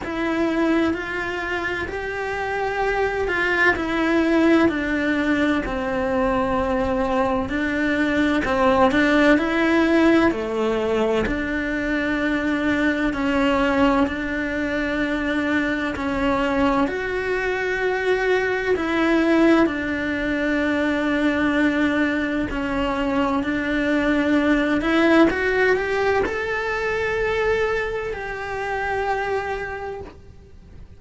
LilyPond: \new Staff \with { instrumentName = "cello" } { \time 4/4 \tempo 4 = 64 e'4 f'4 g'4. f'8 | e'4 d'4 c'2 | d'4 c'8 d'8 e'4 a4 | d'2 cis'4 d'4~ |
d'4 cis'4 fis'2 | e'4 d'2. | cis'4 d'4. e'8 fis'8 g'8 | a'2 g'2 | }